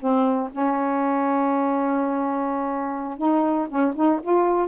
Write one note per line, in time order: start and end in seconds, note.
0.00 0.50 C4
0.51 3.18 C#4
3.18 3.67 D#4
3.69 3.94 C#4
3.95 4.20 D#4
4.22 4.68 F4